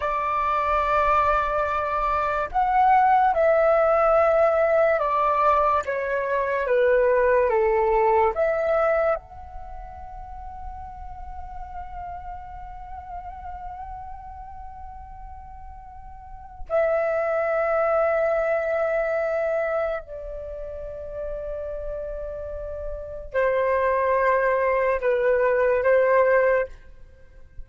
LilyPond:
\new Staff \with { instrumentName = "flute" } { \time 4/4 \tempo 4 = 72 d''2. fis''4 | e''2 d''4 cis''4 | b'4 a'4 e''4 fis''4~ | fis''1~ |
fis''1 | e''1 | d''1 | c''2 b'4 c''4 | }